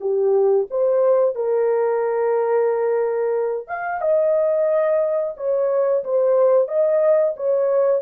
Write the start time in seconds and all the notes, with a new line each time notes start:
0.00 G4
0.70 C5
1.35 A#4
3.68 F5
4.01 D#5
5.37 C#5
6.04 C5
6.68 D#5
7.36 C#5